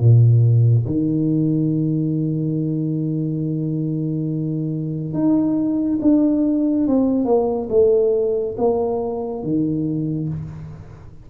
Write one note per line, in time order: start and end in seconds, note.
0.00 0.86 A#2
0.86 5.14 D#3
5.14 5.99 D#4
6.02 6.87 D4
6.87 7.25 C4
7.25 7.68 A#3
7.70 8.56 A3
8.58 9.43 A#3
9.43 10.29 D#3